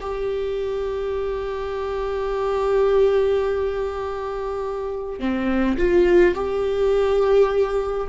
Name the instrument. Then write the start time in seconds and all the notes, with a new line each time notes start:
viola
0.00 G4
5.19 C4
5.77 F4
6.35 G4